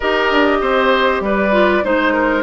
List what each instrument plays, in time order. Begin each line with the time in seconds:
0.00 bassoon D#4, clarinet G4, oboe A#4, flute D#5
0.31 bassoon D4
0.61 bassoon C4, oboe C5
1.20 bassoon G3, oboe B4, flute D5
1.52 clarinet F4
1.83 bassoon G#3, clarinet D#4, oboe C5, flute C5
2.13 oboe A#4